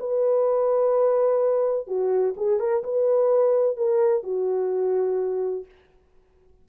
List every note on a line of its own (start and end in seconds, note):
0.00 1.87 B4
1.87 2.35 F#4
2.37 2.60 G#4
2.60 2.84 A#4
2.84 3.77 B4
3.77 4.24 A#4
4.24 5.65 F#4